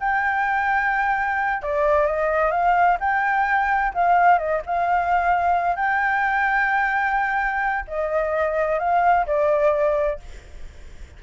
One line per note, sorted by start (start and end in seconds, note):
0.00 1.63 G5
1.63 2.07 D5
2.07 2.51 D#5
2.51 2.98 F5
3.00 3.93 G5
3.94 4.39 F5
4.39 4.62 D#5
4.66 5.76 F5
5.76 7.85 G5
7.88 8.79 D#5
8.79 9.26 F5
9.27 10.20 D5